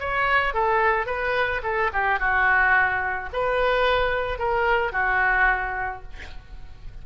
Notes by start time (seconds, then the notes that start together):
0.00 C#5
0.54 A4
1.06 B4
1.63 A4
1.93 G4
2.20 F#4
3.33 B4
4.39 A#4
4.92 F#4